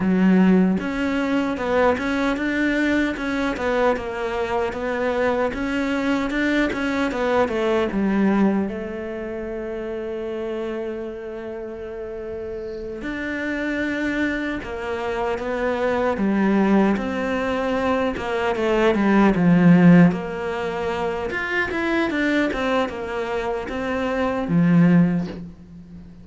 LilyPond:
\new Staff \with { instrumentName = "cello" } { \time 4/4 \tempo 4 = 76 fis4 cis'4 b8 cis'8 d'4 | cis'8 b8 ais4 b4 cis'4 | d'8 cis'8 b8 a8 g4 a4~ | a1~ |
a8 d'2 ais4 b8~ | b8 g4 c'4. ais8 a8 | g8 f4 ais4. f'8 e'8 | d'8 c'8 ais4 c'4 f4 | }